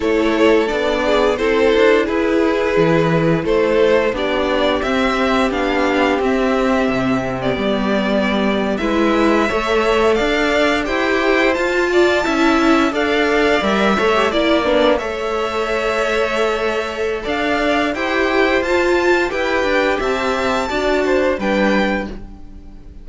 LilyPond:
<<
  \new Staff \with { instrumentName = "violin" } { \time 4/4 \tempo 4 = 87 cis''4 d''4 c''4 b'4~ | b'4 c''4 d''4 e''4 | f''4 e''4.~ e''16 d''4~ d''16~ | d''8. e''2 f''4 g''16~ |
g''8. a''2 f''4 e''16~ | e''8. d''4 e''2~ e''16~ | e''4 f''4 g''4 a''4 | g''4 a''2 g''4 | }
  \new Staff \with { instrumentName = "violin" } { \time 4/4 a'4. gis'8 a'4 gis'4~ | gis'4 a'4 g'2~ | g'1~ | g'8. b'4 cis''4 d''4 c''16~ |
c''4~ c''16 d''8 e''4 d''4~ d''16~ | d''16 cis''8 d''8 b8 cis''2~ cis''16~ | cis''4 d''4 c''2 | b'4 e''4 d''8 c''8 b'4 | }
  \new Staff \with { instrumentName = "viola" } { \time 4/4 e'4 d'4 e'2~ | e'2 d'4 c'4 | d'4 c'4.~ c'16 b4~ b16~ | b8. e'4 a'2 g'16~ |
g'8. f'4 e'4 a'4 ais'16~ | ais'16 a'16 g'16 e'8 d'8 a'2~ a'16~ | a'2 g'4 f'4 | g'2 fis'4 d'4 | }
  \new Staff \with { instrumentName = "cello" } { \time 4/4 a4 b4 c'8 d'8 e'4 | e4 a4 b4 c'4 | b4 c'4 c4 g4~ | g8. gis4 a4 d'4 e'16~ |
e'8. f'4 cis'4 d'4 g16~ | g16 a8 ais4 a2~ a16~ | a4 d'4 e'4 f'4 | e'8 d'8 c'4 d'4 g4 | }
>>